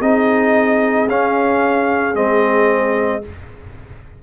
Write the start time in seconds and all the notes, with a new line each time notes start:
0.00 C4 D#4 G#4 D#5
1.07 C#4 F5
2.15 G#3 C4 D#5